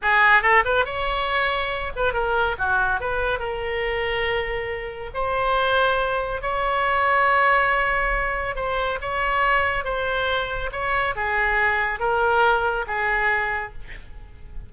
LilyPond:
\new Staff \with { instrumentName = "oboe" } { \time 4/4 \tempo 4 = 140 gis'4 a'8 b'8 cis''2~ | cis''8 b'8 ais'4 fis'4 b'4 | ais'1 | c''2. cis''4~ |
cis''1 | c''4 cis''2 c''4~ | c''4 cis''4 gis'2 | ais'2 gis'2 | }